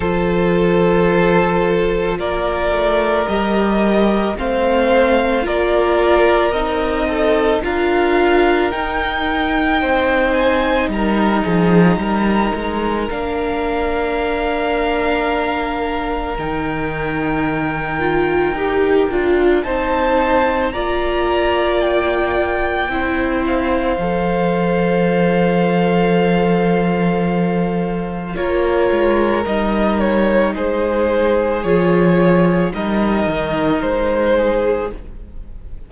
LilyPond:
<<
  \new Staff \with { instrumentName = "violin" } { \time 4/4 \tempo 4 = 55 c''2 d''4 dis''4 | f''4 d''4 dis''4 f''4 | g''4. gis''8 ais''2 | f''2. g''4~ |
g''2 a''4 ais''4 | g''4. f''2~ f''8~ | f''2 cis''4 dis''8 cis''8 | c''4 cis''4 dis''4 c''4 | }
  \new Staff \with { instrumentName = "violin" } { \time 4/4 a'2 ais'2 | c''4 ais'4. a'8 ais'4~ | ais'4 c''4 ais'8 gis'8 ais'4~ | ais'1~ |
ais'2 c''4 d''4~ | d''4 c''2.~ | c''2 ais'2 | gis'2 ais'4. gis'8 | }
  \new Staff \with { instrumentName = "viola" } { \time 4/4 f'2. g'4 | c'4 f'4 dis'4 f'4 | dis'1 | d'2. dis'4~ |
dis'8 f'8 g'8 f'8 dis'4 f'4~ | f'4 e'4 a'2~ | a'2 f'4 dis'4~ | dis'4 f'4 dis'2 | }
  \new Staff \with { instrumentName = "cello" } { \time 4/4 f2 ais8 a8 g4 | a4 ais4 c'4 d'4 | dis'4 c'4 g8 f8 g8 gis8 | ais2. dis4~ |
dis4 dis'8 d'8 c'4 ais4~ | ais4 c'4 f2~ | f2 ais8 gis8 g4 | gis4 f4 g8 dis8 gis4 | }
>>